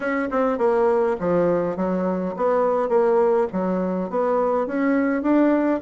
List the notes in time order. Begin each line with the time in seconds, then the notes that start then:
0.00 C#4
0.30 C4
0.58 A#3
1.19 F3
1.76 F#3
2.36 B3
2.88 A#3
3.52 F#3
4.10 B3
4.67 C#4
5.22 D4